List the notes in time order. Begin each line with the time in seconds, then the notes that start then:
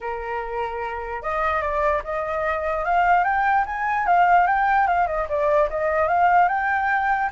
0.01 A#4
1.22 D#5
1.61 D5
2.04 D#5
2.84 F5
3.24 G5
3.66 G#5
4.06 F5
4.46 G5
4.87 F5
5.07 D#5
5.28 D5
5.69 D#5
6.08 F5
6.48 G5